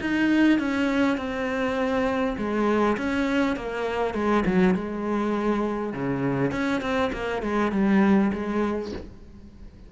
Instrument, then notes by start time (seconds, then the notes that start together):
cello
0.00 D#4
0.58 C#4
1.17 C4
2.37 G#3
2.97 C#4
3.56 A#3
4.14 G#3
4.46 F#3
4.74 G#3
5.93 C#3
6.51 C#4
6.81 C4
7.12 A#3
7.42 G#3
7.71 G3
8.32 G#3